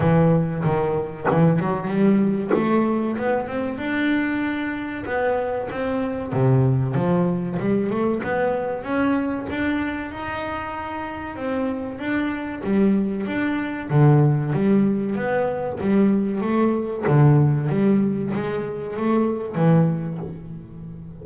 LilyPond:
\new Staff \with { instrumentName = "double bass" } { \time 4/4 \tempo 4 = 95 e4 dis4 e8 fis8 g4 | a4 b8 c'8 d'2 | b4 c'4 c4 f4 | g8 a8 b4 cis'4 d'4 |
dis'2 c'4 d'4 | g4 d'4 d4 g4 | b4 g4 a4 d4 | g4 gis4 a4 e4 | }